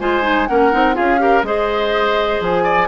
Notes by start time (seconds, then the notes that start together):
0.00 G#3 F4 C5 G#5
0.22 D#4
0.47 A#3 C#4 A#4 F#5
0.72 C4 D#4
0.94 C#4 F4 G#4 F5
1.19 G4 A#4
1.43 G#3 G#4 C5 D#5
2.41 F3 G#5
2.64 D5